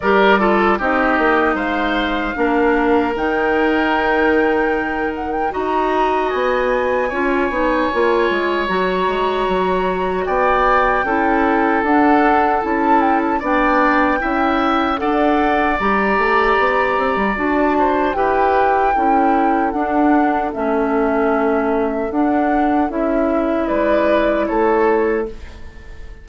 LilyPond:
<<
  \new Staff \with { instrumentName = "flute" } { \time 4/4 \tempo 4 = 76 d''4 dis''4 f''2 | g''2~ g''8 fis''16 g''16 ais''4 | gis''2. ais''4~ | ais''4 g''2 fis''4 |
a''8 g''16 a''16 g''2 fis''4 | ais''2 a''4 g''4~ | g''4 fis''4 e''2 | fis''4 e''4 d''4 cis''4 | }
  \new Staff \with { instrumentName = "oboe" } { \time 4/4 ais'8 a'8 g'4 c''4 ais'4~ | ais'2. dis''4~ | dis''4 cis''2.~ | cis''4 d''4 a'2~ |
a'4 d''4 e''4 d''4~ | d''2~ d''8 c''8 b'4 | a'1~ | a'2 b'4 a'4 | }
  \new Staff \with { instrumentName = "clarinet" } { \time 4/4 g'8 f'8 dis'2 d'4 | dis'2. fis'4~ | fis'4 f'8 dis'8 f'4 fis'4~ | fis'2 e'4 d'4 |
e'4 d'4 e'4 a'4 | g'2 fis'4 g'4 | e'4 d'4 cis'2 | d'4 e'2. | }
  \new Staff \with { instrumentName = "bassoon" } { \time 4/4 g4 c'8 ais8 gis4 ais4 | dis2. dis'4 | b4 cis'8 b8 ais8 gis8 fis8 gis8 | fis4 b4 cis'4 d'4 |
cis'4 b4 cis'4 d'4 | g8 a8 b8 c'16 g16 d'4 e'4 | cis'4 d'4 a2 | d'4 cis'4 gis4 a4 | }
>>